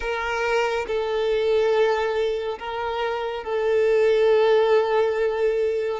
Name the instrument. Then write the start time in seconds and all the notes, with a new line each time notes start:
violin
0.00 A#4
0.86 A4
2.59 A#4
3.43 A4